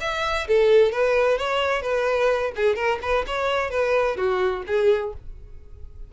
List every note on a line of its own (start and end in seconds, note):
0.00 0.47 E5
0.47 0.92 A4
0.92 1.38 B4
1.38 1.82 C#5
1.82 2.52 B4
2.56 2.75 G#4
2.75 2.99 A#4
3.01 3.25 B4
3.26 3.70 C#5
3.70 4.16 B4
4.16 4.63 F#4
4.66 5.13 G#4